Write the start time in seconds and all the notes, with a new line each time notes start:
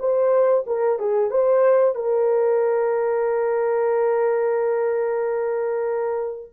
0.00 C5
0.67 A#4
0.99 G#4
1.31 C5
1.95 A#4